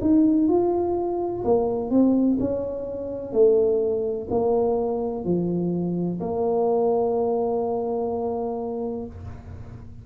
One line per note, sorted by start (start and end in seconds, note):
0.00 0.48 D#4
0.48 1.43 F4
1.44 1.90 A#3
1.90 2.38 C4
2.39 3.32 C#4
3.32 4.28 A3
4.30 5.24 A#3
5.24 6.19 F3
6.20 9.06 A#3